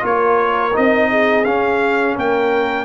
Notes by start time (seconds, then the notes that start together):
0.00 A#3 F4 A#4 C#5
0.73 C4 D#4 D#5
1.10 G#4
1.44 C#4 F5
2.15 A#3 A#4 G5